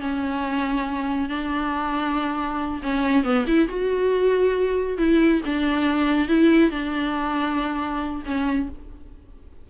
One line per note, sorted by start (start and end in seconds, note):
0.00 1.29 C#4
1.29 2.81 D4
2.82 3.24 C#4
3.24 3.45 B3
3.47 3.68 E4
3.68 4.98 F#4
4.98 5.41 E4
5.45 6.28 D4
6.28 6.70 E4
6.70 8.22 D4
8.25 8.69 C#4